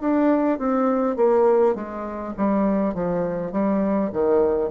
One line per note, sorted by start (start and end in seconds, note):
0.00 0.58 D4
0.58 1.16 C4
1.16 1.74 A#3
1.74 2.33 G#3
2.36 2.94 G3
2.94 3.51 F3
3.51 4.10 G3
4.12 4.70 D#3